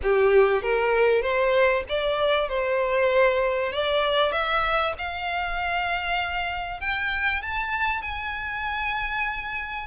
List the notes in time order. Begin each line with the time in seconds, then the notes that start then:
0.03 G4
0.62 A#4
1.21 C5
1.88 D5
2.49 C5
3.72 D5
4.32 E5
4.98 F5
6.80 G5
7.42 A5
8.02 G#5